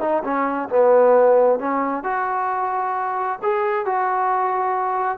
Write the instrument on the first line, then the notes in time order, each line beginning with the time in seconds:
trombone
0.00 D#4
0.23 C#4
0.69 B3
1.59 C#4
2.03 F#4
3.42 G#4
3.85 F#4